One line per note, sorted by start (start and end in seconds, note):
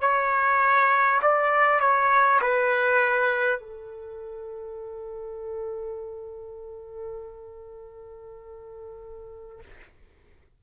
0.00 1.20 C#5
1.22 1.80 D5
1.80 2.40 C#5
2.41 3.59 B4
3.59 9.59 A4